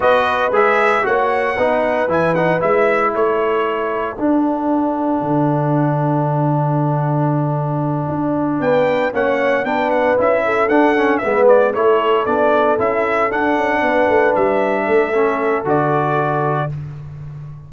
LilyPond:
<<
  \new Staff \with { instrumentName = "trumpet" } { \time 4/4 \tempo 4 = 115 dis''4 e''4 fis''2 | gis''8 fis''8 e''4 cis''2 | fis''1~ | fis''1~ |
fis''8 g''4 fis''4 g''8 fis''8 e''8~ | e''8 fis''4 e''8 d''8 cis''4 d''8~ | d''8 e''4 fis''2 e''8~ | e''2 d''2 | }
  \new Staff \with { instrumentName = "horn" } { \time 4/4 b'2 cis''4 b'4~ | b'2 a'2~ | a'1~ | a'1~ |
a'8 b'4 cis''4 b'4. | a'4. b'4 a'4.~ | a'2~ a'8 b'4.~ | b'8 a'2.~ a'8 | }
  \new Staff \with { instrumentName = "trombone" } { \time 4/4 fis'4 gis'4 fis'4 dis'4 | e'8 dis'8 e'2. | d'1~ | d'1~ |
d'4. cis'4 d'4 e'8~ | e'8 d'8 cis'8 b4 e'4 d'8~ | d'8 e'4 d'2~ d'8~ | d'4 cis'4 fis'2 | }
  \new Staff \with { instrumentName = "tuba" } { \time 4/4 b4 gis4 ais4 b4 | e4 gis4 a2 | d'2 d2~ | d2.~ d8 d'8~ |
d'8 b4 ais4 b4 cis'8~ | cis'8 d'4 gis4 a4 b8~ | b8 cis'4 d'8 cis'8 b8 a8 g8~ | g8 a4. d2 | }
>>